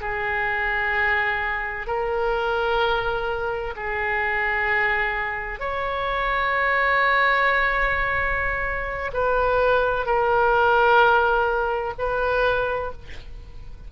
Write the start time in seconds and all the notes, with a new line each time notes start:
0.00 G#4
1.87 A#4
3.76 G#4
5.60 C#5
9.13 B4
10.06 A#4
11.98 B4